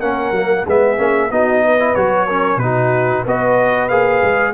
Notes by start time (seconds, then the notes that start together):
0.00 A#3 C#4 A#4 F#5
0.32 F#3 A#3
0.66 G#3 B3 G#4 E5
0.98 A#3 C#4
1.31 B3 D#4 F#4 D#5
1.63 B4
1.79 E4
1.95 F#3 F#4 C#5
2.27 C#4 A#4
2.57 B2 D#4 F#4 B4
3.24 B3 F#4 B4 D#5
3.89 A#3 G#4 F5
4.23 G#3